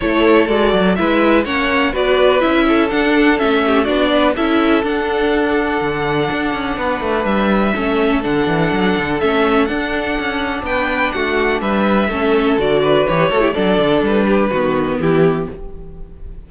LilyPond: <<
  \new Staff \with { instrumentName = "violin" } { \time 4/4 \tempo 4 = 124 cis''4 d''4 e''4 fis''4 | d''4 e''4 fis''4 e''4 | d''4 e''4 fis''2~ | fis''2. e''4~ |
e''4 fis''2 e''4 | fis''2 g''4 fis''4 | e''2 d''4 cis''4 | d''4 b'2 g'4 | }
  \new Staff \with { instrumentName = "violin" } { \time 4/4 a'2 b'4 cis''4 | b'4. a'2 g'8 | fis'8 b'8 a'2.~ | a'2 b'2 |
a'1~ | a'2 b'4 fis'4 | b'4 a'4. b'4 a'16 g'16 | a'4. g'8 fis'4 e'4 | }
  \new Staff \with { instrumentName = "viola" } { \time 4/4 e'4 fis'4 e'4 cis'4 | fis'4 e'4 d'4 cis'4 | d'4 e'4 d'2~ | d'1 |
cis'4 d'2 cis'4 | d'1~ | d'4 cis'4 fis'4 g'8 fis'16 e'16 | d'2 b2 | }
  \new Staff \with { instrumentName = "cello" } { \time 4/4 a4 gis8 fis8 gis4 ais4 | b4 cis'4 d'4 a4 | b4 cis'4 d'2 | d4 d'8 cis'8 b8 a8 g4 |
a4 d8 e8 fis8 d8 a4 | d'4 cis'4 b4 a4 | g4 a4 d4 e8 a8 | fis8 d8 g4 dis4 e4 | }
>>